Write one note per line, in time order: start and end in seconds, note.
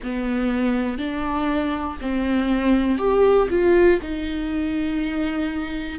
0.03 0.97 B3
0.97 1.97 D4
2.00 2.98 C4
2.98 3.48 G4
3.50 4.00 F4
4.01 5.99 D#4